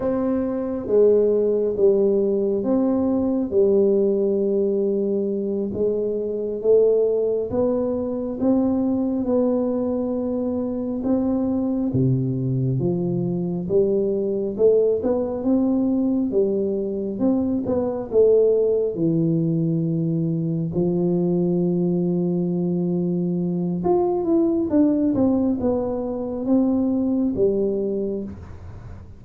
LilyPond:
\new Staff \with { instrumentName = "tuba" } { \time 4/4 \tempo 4 = 68 c'4 gis4 g4 c'4 | g2~ g8 gis4 a8~ | a8 b4 c'4 b4.~ | b8 c'4 c4 f4 g8~ |
g8 a8 b8 c'4 g4 c'8 | b8 a4 e2 f8~ | f2. f'8 e'8 | d'8 c'8 b4 c'4 g4 | }